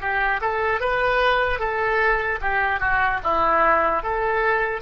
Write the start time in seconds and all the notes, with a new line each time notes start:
0.00 G4
0.41 A4
0.80 B4
1.59 A4
2.41 G4
2.80 F#4
3.23 E4
4.03 A4